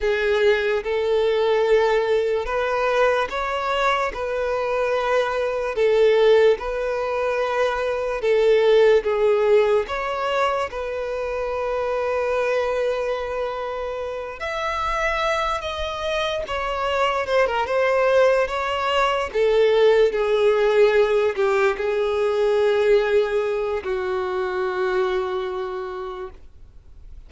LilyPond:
\new Staff \with { instrumentName = "violin" } { \time 4/4 \tempo 4 = 73 gis'4 a'2 b'4 | cis''4 b'2 a'4 | b'2 a'4 gis'4 | cis''4 b'2.~ |
b'4. e''4. dis''4 | cis''4 c''16 ais'16 c''4 cis''4 a'8~ | a'8 gis'4. g'8 gis'4.~ | gis'4 fis'2. | }